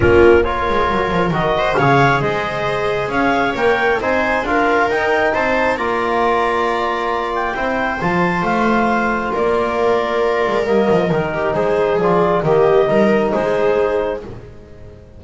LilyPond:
<<
  \new Staff \with { instrumentName = "clarinet" } { \time 4/4 \tempo 4 = 135 ais'4 cis''2 dis''4 | f''4 dis''2 f''4 | g''4 gis''4 f''4 g''4 | a''4 ais''2.~ |
ais''8 g''4. a''4 f''4~ | f''4 d''2. | dis''4 ais'4 c''4 d''4 | dis''2 c''2 | }
  \new Staff \with { instrumentName = "viola" } { \time 4/4 f'4 ais'2~ ais'8 c''8 | cis''4 c''2 cis''4~ | cis''4 c''4 ais'2 | c''4 d''2.~ |
d''4 c''2.~ | c''4 ais'2.~ | ais'4. g'8 gis'2 | g'4 ais'4 gis'2 | }
  \new Staff \with { instrumentName = "trombone" } { \time 4/4 cis'4 f'2 fis'4 | gis'1 | ais'4 dis'4 f'4 dis'4~ | dis'4 f'2.~ |
f'4 e'4 f'2~ | f'1 | ais4 dis'2 f'4 | ais4 dis'2. | }
  \new Staff \with { instrumentName = "double bass" } { \time 4/4 ais4. gis8 fis8 f8 dis4 | cis4 gis2 cis'4 | ais4 c'4 d'4 dis'4 | c'4 ais2.~ |
ais4 c'4 f4 a4~ | a4 ais2~ ais8 gis8 | g8 f8 dis4 gis4 f4 | dis4 g4 gis2 | }
>>